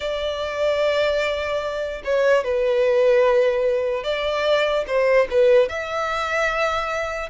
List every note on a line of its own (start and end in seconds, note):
0.00 2.02 D5
2.04 2.44 C#5
2.44 4.03 B4
4.03 4.84 D5
4.87 5.27 C5
5.30 5.69 B4
5.69 7.29 E5